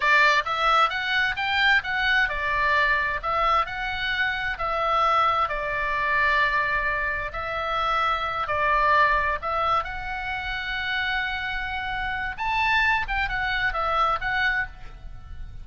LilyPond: \new Staff \with { instrumentName = "oboe" } { \time 4/4 \tempo 4 = 131 d''4 e''4 fis''4 g''4 | fis''4 d''2 e''4 | fis''2 e''2 | d''1 |
e''2~ e''8 d''4.~ | d''8 e''4 fis''2~ fis''8~ | fis''2. a''4~ | a''8 g''8 fis''4 e''4 fis''4 | }